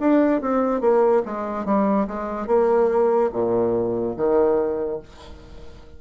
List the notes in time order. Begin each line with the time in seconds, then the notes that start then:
0.00 D4
0.41 C4
0.81 A#3
1.25 G#3
1.66 G3
2.07 G#3
2.47 A#3
3.33 A#2
4.17 D#3